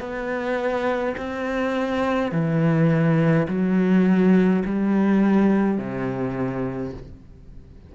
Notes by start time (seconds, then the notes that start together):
0.00 B3
1.17 C4
2.32 E3
3.48 F#3
4.65 G3
5.78 C3